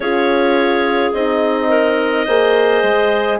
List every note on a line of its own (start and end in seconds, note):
0.00 1.10 C#4
0.00 1.15 F4
0.00 1.68 G#4
0.00 1.12 C#5
1.13 2.27 C4
1.13 2.27 D#4
1.13 3.39 D#5
1.68 2.25 A#4
2.25 2.83 A#3
2.25 3.40 G#4
2.25 3.38 C5
2.83 3.39 G#3